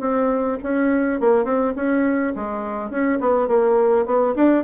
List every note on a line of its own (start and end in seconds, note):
0.00 0.58 C4
0.63 1.20 C#4
1.20 1.44 A#3
1.44 1.73 C4
1.76 2.33 C#4
2.35 2.90 G#3
2.90 3.19 C#4
3.20 3.48 B3
3.48 4.05 A#3
4.06 4.35 B3
4.35 4.64 D4